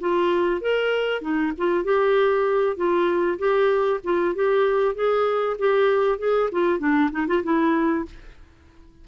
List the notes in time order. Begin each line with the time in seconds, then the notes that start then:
0.00 F4
0.61 A#4
1.21 D#4
1.57 F4
1.84 G4
2.76 F4
3.38 G4
4.03 F4
4.35 G4
4.95 G#4
5.58 G4
6.18 G#4
6.51 F4
6.79 D4
7.11 D#4
7.27 F4
7.43 E4